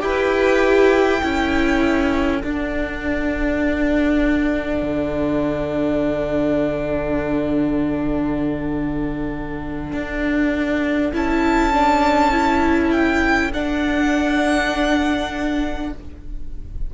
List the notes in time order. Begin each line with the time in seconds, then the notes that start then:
0.00 E4 G4 B4 G5
1.21 C#4 E4 A4
2.42 D4 F#5
4.83 D3
9.93 D4
11.13 C#4 E4 A5
11.73 D4
12.32 E4
12.92 G5
13.53 D4 F#5